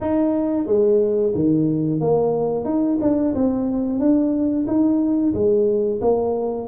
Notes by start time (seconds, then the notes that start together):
0.00 D#4
0.66 G#3
1.35 D#3
2.00 A#3
2.65 D#4
3.01 D4
3.34 C4
3.99 D4
4.67 D#4
5.33 G#3
6.01 A#3